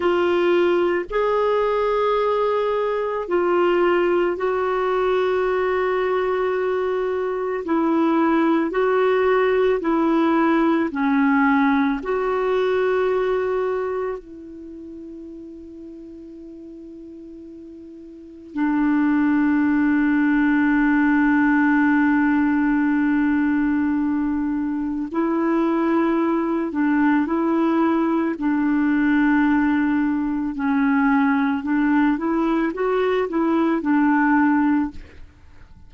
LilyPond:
\new Staff \with { instrumentName = "clarinet" } { \time 4/4 \tempo 4 = 55 f'4 gis'2 f'4 | fis'2. e'4 | fis'4 e'4 cis'4 fis'4~ | fis'4 e'2.~ |
e'4 d'2.~ | d'2. e'4~ | e'8 d'8 e'4 d'2 | cis'4 d'8 e'8 fis'8 e'8 d'4 | }